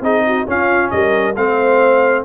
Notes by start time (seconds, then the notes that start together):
0.00 C4 D#4 G#4 D#5
0.26 F#4
0.46 C#4 F4 F5
0.90 G3 A#4 D#5
1.36 A3 C4 C5 F5